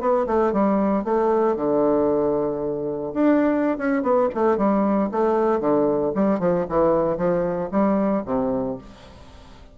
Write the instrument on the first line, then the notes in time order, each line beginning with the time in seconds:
bassoon
0.00 B3
0.26 A3
0.52 G3
1.04 A3
1.56 D3
3.14 D4
3.78 C#4
4.02 B3
4.34 A3
4.57 G3
5.11 A3
5.60 D3
6.14 G3
6.39 F3
6.69 E3
7.17 F3
7.71 G3
8.25 C3